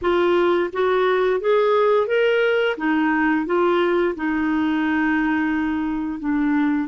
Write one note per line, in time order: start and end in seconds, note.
0.01 0.70 F4
0.72 1.40 F#4
1.40 2.07 G#4
2.07 2.76 A#4
2.77 3.45 D#4
3.45 4.14 F4
4.15 6.19 D#4
6.19 6.88 D4